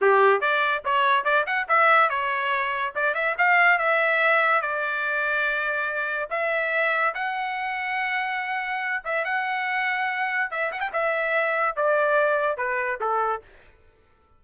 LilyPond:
\new Staff \with { instrumentName = "trumpet" } { \time 4/4 \tempo 4 = 143 g'4 d''4 cis''4 d''8 fis''8 | e''4 cis''2 d''8 e''8 | f''4 e''2 d''4~ | d''2. e''4~ |
e''4 fis''2.~ | fis''4. e''8 fis''2~ | fis''4 e''8 fis''16 g''16 e''2 | d''2 b'4 a'4 | }